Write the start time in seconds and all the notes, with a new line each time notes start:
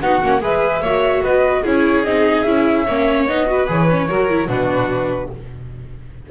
0.00 B3 D#4 F#4 F#5
0.22 A#3 C#4
0.40 G#3 G#4 B4 E5
0.81 A#3 F#4 C#5
1.23 B3 B4 D#5
1.62 C#4 E4 G#4 C#5
2.04 C4 D#4 D#5
2.43 C#4 E4 E5
2.85 A#3 C#4 C#5
3.27 B3 D#4 D#5
3.46 F#4 B4
3.67 E3 G#4 C#5
3.90 C#4
4.08 F#3 F#4 A#4
4.30 E4
4.48 B2 D4 F#4 B4